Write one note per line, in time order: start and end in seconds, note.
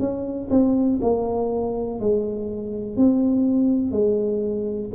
0.00 0.49 C#4
0.51 1.00 C4
1.02 2.00 A#3
2.00 2.97 G#3
2.97 3.92 C4
3.92 4.90 G#3